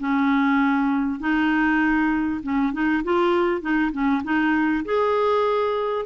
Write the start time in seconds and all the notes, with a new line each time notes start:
0.00 C#4
1.20 D#4
2.43 C#4
2.73 D#4
3.04 F4
3.62 D#4
3.92 C#4
4.24 D#4
4.85 G#4